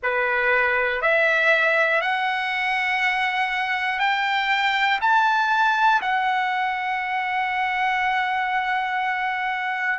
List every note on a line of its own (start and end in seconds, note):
0.02 1.01 B4
1.01 2.00 E5
2.00 3.99 F#5
3.99 4.99 G5
5.00 6.00 A5
6.01 9.99 F#5